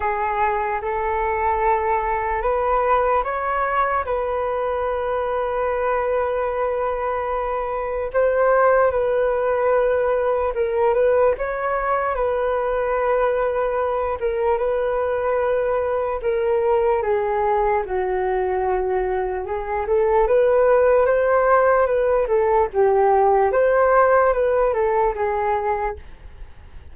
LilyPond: \new Staff \with { instrumentName = "flute" } { \time 4/4 \tempo 4 = 74 gis'4 a'2 b'4 | cis''4 b'2.~ | b'2 c''4 b'4~ | b'4 ais'8 b'8 cis''4 b'4~ |
b'4. ais'8 b'2 | ais'4 gis'4 fis'2 | gis'8 a'8 b'4 c''4 b'8 a'8 | g'4 c''4 b'8 a'8 gis'4 | }